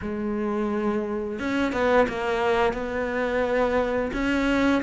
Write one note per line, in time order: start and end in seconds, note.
0.01 1.39 G#3
1.39 1.72 C#4
1.72 2.07 B3
2.08 2.73 A#3
2.73 4.11 B3
4.13 4.82 C#4